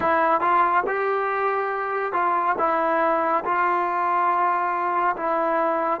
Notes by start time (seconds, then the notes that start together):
0.00 E4
0.41 F4
0.86 G4
2.12 F4
2.58 E4
3.44 F4
5.16 E4